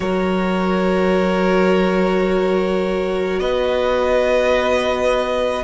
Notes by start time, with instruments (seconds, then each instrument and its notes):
0.00 cello F#3, viola F#4, violin A#4 C#5
3.38 cello B3, violin B4 D#5